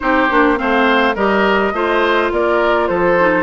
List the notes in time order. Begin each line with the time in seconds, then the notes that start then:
0.00 C4 D#4 G4 C5
0.29 A#3 D4
0.56 A3 C4 C5 F5
1.15 G3 G4 A#4 D#5
1.72 A3 F4 C5
2.31 A#3 A#4 D5
2.87 F3 A4 C5
3.19 D#4